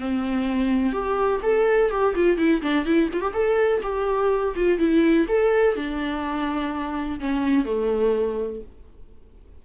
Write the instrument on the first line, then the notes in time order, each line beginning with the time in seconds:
viola
0.00 C4
0.93 G4
1.43 A4
1.91 G4
2.15 F4
2.38 E4
2.62 D4
2.85 E4
3.13 F4
3.21 G4
3.34 A4
3.83 G4
4.56 F4
4.79 E4
5.29 A4
5.76 D4
7.20 C#4
7.65 A3